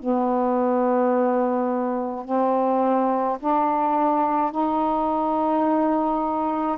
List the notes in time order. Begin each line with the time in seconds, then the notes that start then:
0.00 B3
2.26 C4
3.41 D4
4.52 D#4